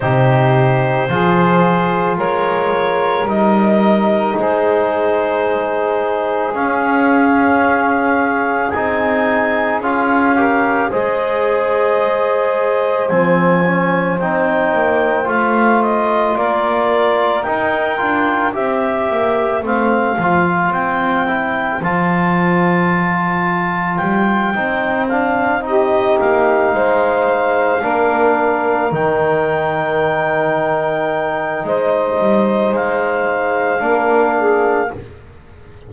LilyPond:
<<
  \new Staff \with { instrumentName = "clarinet" } { \time 4/4 \tempo 4 = 55 c''2 cis''4 dis''4 | c''2 f''2 | gis''4 f''4 dis''2 | gis''4 g''4 f''8 dis''8 d''4 |
g''4 e''4 f''4 g''4 | a''2 g''4 f''8 dis''8 | f''2~ f''8 g''4.~ | g''4 dis''4 f''2 | }
  \new Staff \with { instrumentName = "saxophone" } { \time 4/4 g'4 gis'4 ais'2 | gis'1~ | gis'4. ais'8 c''2~ | c''2. ais'4~ |
ais'4 c''2.~ | c''2.~ c''8 g'8~ | g'8 c''4 ais'2~ ais'8~ | ais'4 c''2 ais'8 gis'8 | }
  \new Staff \with { instrumentName = "trombone" } { \time 4/4 dis'4 f'2 dis'4~ | dis'2 cis'2 | dis'4 f'8 g'8 gis'2 | c'8 cis'8 dis'4 f'2 |
dis'8 f'8 g'4 c'8 f'4 e'8 | f'2~ f'8 dis'8 d'8 dis'8~ | dis'4. d'4 dis'4.~ | dis'2. d'4 | }
  \new Staff \with { instrumentName = "double bass" } { \time 4/4 c4 f4 gis4 g4 | gis2 cis'2 | c'4 cis'4 gis2 | f4 c'8 ais8 a4 ais4 |
dis'8 d'8 c'8 ais8 a8 f8 c'4 | f2 g8 c'4. | ais8 gis4 ais4 dis4.~ | dis4 gis8 g8 gis4 ais4 | }
>>